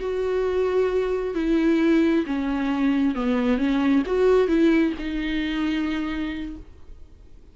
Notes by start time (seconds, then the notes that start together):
0.00 F#4
1.35 E4
2.26 C#4
3.15 B3
3.58 C#4
4.06 F#4
4.48 E4
4.99 D#4